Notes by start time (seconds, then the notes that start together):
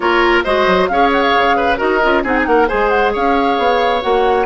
0.00 A#3 F4 A#4 C#5
0.43 G#3 F#4 C5 D#5
0.66 F#3
0.88 C#4 G#4 C#5 F5
1.12 F#5
1.22 F5
1.36 C#3
1.56 B4
1.77 D#4 F#4 A#4 D#5
2.02 C#4 F4
2.23 C4 D#4 G#4 F#5
2.37 G#5
2.45 A#3 A#4 F#5
2.67 G#3 G#4 C5 G#5
2.89 F#5
3.12 C#4 C#5 F5
3.58 B3
4.01 A#3 F#4 F#5